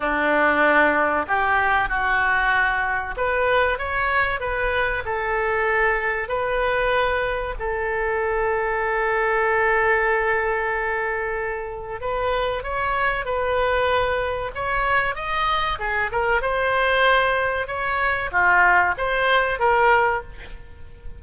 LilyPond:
\new Staff \with { instrumentName = "oboe" } { \time 4/4 \tempo 4 = 95 d'2 g'4 fis'4~ | fis'4 b'4 cis''4 b'4 | a'2 b'2 | a'1~ |
a'2. b'4 | cis''4 b'2 cis''4 | dis''4 gis'8 ais'8 c''2 | cis''4 f'4 c''4 ais'4 | }